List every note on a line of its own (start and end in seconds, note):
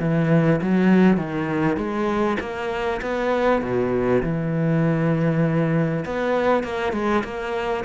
0.00 0.61 E3
0.62 1.18 F#3
1.18 1.77 D#3
1.77 2.38 G#3
2.41 3.01 A#3
3.02 3.62 B3
3.62 4.23 B2
4.23 6.05 E3
6.06 6.64 B3
6.64 6.93 A#3
6.93 7.24 G#3
7.24 7.85 A#3